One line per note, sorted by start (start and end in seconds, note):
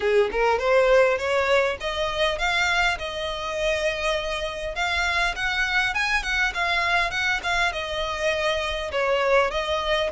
0.00 0.30 G#4
0.31 0.58 A#4
0.58 1.17 C5
1.17 1.77 C#5
1.80 2.38 D#5
2.38 2.97 F5
2.98 4.75 D#5
4.75 5.34 F5
5.35 5.94 F#5
5.94 6.22 G#5
6.22 6.52 F#5
6.53 7.10 F5
7.10 7.40 F#5
7.43 7.72 F5
7.72 8.91 D#5
8.91 9.50 C#5
9.50 10.10 D#5